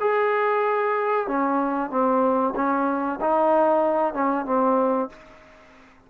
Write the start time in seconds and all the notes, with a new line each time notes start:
0.00 G#4
1.27 C#4
1.90 C4
2.55 C#4
3.21 D#4
4.14 C#4
4.45 C4